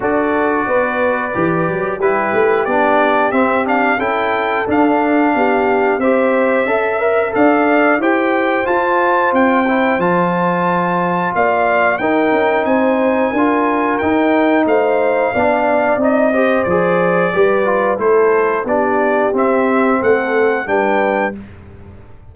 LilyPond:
<<
  \new Staff \with { instrumentName = "trumpet" } { \time 4/4 \tempo 4 = 90 d''2. b'4 | d''4 e''8 f''8 g''4 f''4~ | f''4 e''2 f''4 | g''4 a''4 g''4 a''4~ |
a''4 f''4 g''4 gis''4~ | gis''4 g''4 f''2 | dis''4 d''2 c''4 | d''4 e''4 fis''4 g''4 | }
  \new Staff \with { instrumentName = "horn" } { \time 4/4 a'4 b'2 g'4~ | g'2 a'2 | g'4 c''4 e''4 d''4 | c''1~ |
c''4 d''4 ais'4 c''4 | ais'2 c''4 d''4~ | d''8 c''4. b'4 a'4 | g'2 a'4 b'4 | }
  \new Staff \with { instrumentName = "trombone" } { \time 4/4 fis'2 g'4 e'4 | d'4 c'8 d'8 e'4 d'4~ | d'4 g'4 a'8 ais'8 a'4 | g'4 f'4. e'8 f'4~ |
f'2 dis'2 | f'4 dis'2 d'4 | dis'8 g'8 gis'4 g'8 f'8 e'4 | d'4 c'2 d'4 | }
  \new Staff \with { instrumentName = "tuba" } { \time 4/4 d'4 b4 e8 fis8 g8 a8 | b4 c'4 cis'4 d'4 | b4 c'4 cis'4 d'4 | e'4 f'4 c'4 f4~ |
f4 ais4 dis'8 cis'8 c'4 | d'4 dis'4 a4 b4 | c'4 f4 g4 a4 | b4 c'4 a4 g4 | }
>>